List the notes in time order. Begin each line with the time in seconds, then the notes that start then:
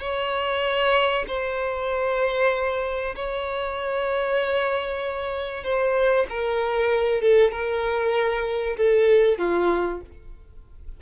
0.00 C#5
1.28 C5
3.15 C#5
5.64 C5
6.30 A#4
7.21 A4
7.51 A#4
8.77 A4
9.38 F4